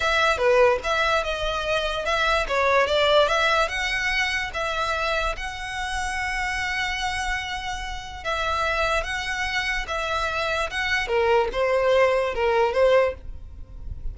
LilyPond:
\new Staff \with { instrumentName = "violin" } { \time 4/4 \tempo 4 = 146 e''4 b'4 e''4 dis''4~ | dis''4 e''4 cis''4 d''4 | e''4 fis''2 e''4~ | e''4 fis''2.~ |
fis''1 | e''2 fis''2 | e''2 fis''4 ais'4 | c''2 ais'4 c''4 | }